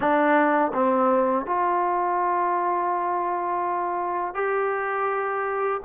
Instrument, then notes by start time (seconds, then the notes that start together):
trombone
0.00 D4
0.73 C4
1.46 F4
4.34 G4